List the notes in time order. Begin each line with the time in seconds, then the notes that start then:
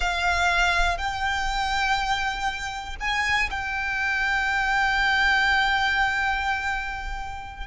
0.00 F5
0.97 G5
3.00 G#5
3.50 G5